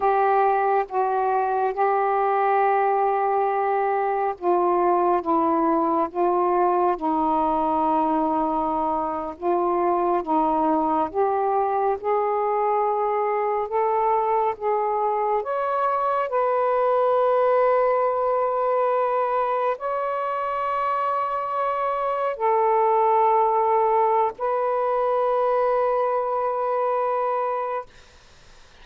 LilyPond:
\new Staff \with { instrumentName = "saxophone" } { \time 4/4 \tempo 4 = 69 g'4 fis'4 g'2~ | g'4 f'4 e'4 f'4 | dis'2~ dis'8. f'4 dis'16~ | dis'8. g'4 gis'2 a'16~ |
a'8. gis'4 cis''4 b'4~ b'16~ | b'2~ b'8. cis''4~ cis''16~ | cis''4.~ cis''16 a'2~ a'16 | b'1 | }